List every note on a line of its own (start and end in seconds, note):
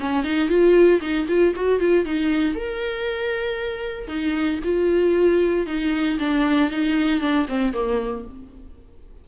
0.00 0.24 C#4
0.24 0.49 D#4
0.49 1.00 F4
1.01 1.27 D#4
1.28 1.54 F4
1.56 1.80 F#4
1.80 2.05 F4
2.05 2.55 D#4
2.55 4.08 A#4
4.08 4.59 D#4
4.64 5.66 F4
5.66 6.18 D#4
6.19 6.71 D4
6.71 7.21 D#4
7.21 7.46 D4
7.48 7.73 C4
7.73 8.25 A#3